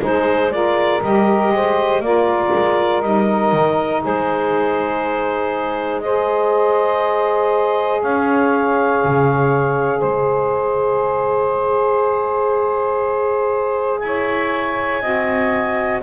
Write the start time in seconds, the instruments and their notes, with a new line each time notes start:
0.00 double bass G#3, saxophone D#4 G#4, clarinet C5
0.51 saxophone F4 A#4, clarinet D5
1.02 double bass G3, saxophone G4, clarinet D#5
1.52 double bass G#3, saxophone C5
2.00 double bass A#3, saxophone F4 A#4, clarinet D5
2.53 double bass G#3
3.02 double bass G3, saxophone D#4, clarinet D#5
3.52 double bass D#3
4.01 double bass G#3, saxophone G#4, clarinet C5
6.00 saxophone G#4 C5, clarinet D#5
8.02 double bass C#4, saxophone C#5, clarinet F5
9.04 double bass C#3
10.00 double bass G#3, saxophone C5, clarinet D#5
14.00 double bass E4, clarinet G#5
14.06 saxophone C#5
15.02 double bass C4, saxophone F#4 D#5